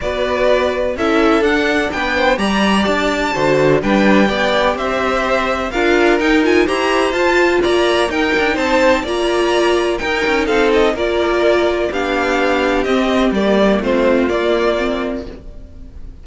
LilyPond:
<<
  \new Staff \with { instrumentName = "violin" } { \time 4/4 \tempo 4 = 126 d''2 e''4 fis''4 | g''4 ais''4 a''2 | g''2 e''2 | f''4 g''8 gis''8 ais''4 a''4 |
ais''4 g''4 a''4 ais''4~ | ais''4 g''4 f''8 dis''8 d''4~ | d''4 f''2 dis''4 | d''4 c''4 d''2 | }
  \new Staff \with { instrumentName = "violin" } { \time 4/4 b'2 a'2 | b'8 c''8 d''2 c''4 | b'4 d''4 c''2 | ais'2 c''2 |
d''4 ais'4 c''4 d''4~ | d''4 ais'4 a'4 ais'4~ | ais'4 g'2.~ | g'4 f'2. | }
  \new Staff \with { instrumentName = "viola" } { \time 4/4 fis'2 e'4 d'4~ | d'4 g'2 fis'4 | d'4 g'2. | f'4 dis'8 f'8 g'4 f'4~ |
f'4 dis'2 f'4~ | f'4 dis'2 f'4~ | f'4 d'2 c'4 | ais4 c'4 ais4 c'4 | }
  \new Staff \with { instrumentName = "cello" } { \time 4/4 b2 cis'4 d'4 | b4 g4 d'4 d4 | g4 b4 c'2 | d'4 dis'4 e'4 f'4 |
ais4 dis'8 d'8 c'4 ais4~ | ais4 dis'8 cis'8 c'4 ais4~ | ais4 b2 c'4 | g4 a4 ais2 | }
>>